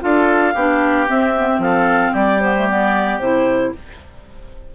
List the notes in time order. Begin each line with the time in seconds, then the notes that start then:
0.00 D4 F4 A4 F5
0.54 B3 D4 G4
1.07 C4 E5
1.38 B3
1.48 C4
1.58 F3 A4 F5
2.12 G3 G4 D5
2.41 B3 C5
2.56 A3
2.69 B3 D5
3.19 C3 E4 C5